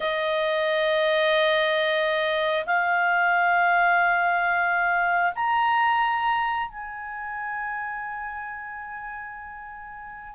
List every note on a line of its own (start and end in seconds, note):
0.00 2.65 D#5
2.66 5.32 F5
5.35 6.68 A#5
6.68 10.35 G#5